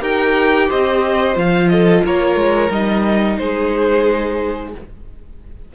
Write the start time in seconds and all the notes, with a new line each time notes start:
0.00 D#4 G4 A#4 G5
0.67 C4 C5 D#5
1.34 F3 F4 F5
1.68 A4 D#5
2.04 A#3 A#4 C#5
2.35 G#3
2.70 G3 D#4 D#5
3.37 G#3 G#4 C5